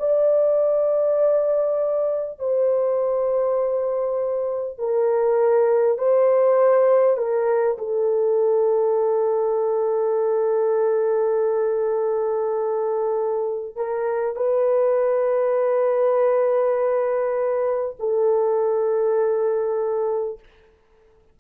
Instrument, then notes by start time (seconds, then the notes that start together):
horn
0.00 D5
2.40 C5
4.79 A#4
5.98 C5
7.18 A#4
7.78 A4
13.76 A#4
14.36 B4
17.99 A4